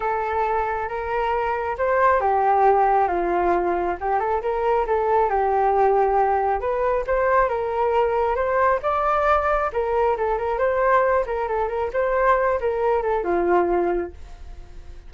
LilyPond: \new Staff \with { instrumentName = "flute" } { \time 4/4 \tempo 4 = 136 a'2 ais'2 | c''4 g'2 f'4~ | f'4 g'8 a'8 ais'4 a'4 | g'2. b'4 |
c''4 ais'2 c''4 | d''2 ais'4 a'8 ais'8 | c''4. ais'8 a'8 ais'8 c''4~ | c''8 ais'4 a'8 f'2 | }